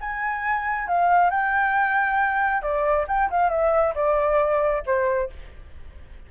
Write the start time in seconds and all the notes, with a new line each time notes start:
0.00 G#5
0.87 F5
1.30 G5
2.62 D5
3.07 G5
3.30 F5
3.50 E5
3.94 D5
4.86 C5